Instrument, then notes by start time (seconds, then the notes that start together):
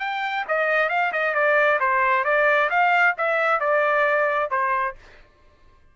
trumpet
0.00 G5
0.48 D#5
0.90 F5
1.13 D#5
1.35 D5
1.80 C5
2.25 D5
2.70 F5
3.18 E5
3.60 D5
4.51 C5